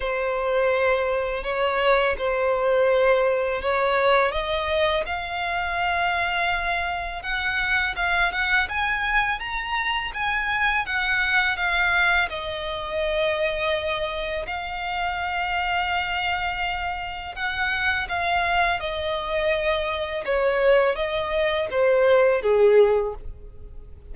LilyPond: \new Staff \with { instrumentName = "violin" } { \time 4/4 \tempo 4 = 83 c''2 cis''4 c''4~ | c''4 cis''4 dis''4 f''4~ | f''2 fis''4 f''8 fis''8 | gis''4 ais''4 gis''4 fis''4 |
f''4 dis''2. | f''1 | fis''4 f''4 dis''2 | cis''4 dis''4 c''4 gis'4 | }